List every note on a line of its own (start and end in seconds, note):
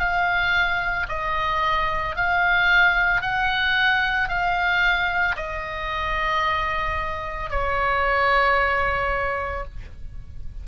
0.00 1.07 F5
1.09 2.16 D#5
2.16 3.21 F5
3.21 4.29 F#5
4.29 5.36 F5
5.36 7.50 D#5
7.50 9.65 C#5